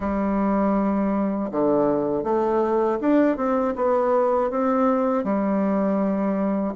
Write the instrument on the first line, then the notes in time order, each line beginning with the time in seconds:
bassoon
0.00 G3
1.51 D3
2.23 A3
3.00 D4
3.36 C4
3.75 B3
4.50 C4
5.24 G3